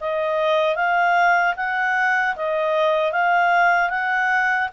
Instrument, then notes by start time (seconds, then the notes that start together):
clarinet
0.00 D#5
0.75 F5
1.56 F#5
2.36 D#5
3.12 F5
3.90 F#5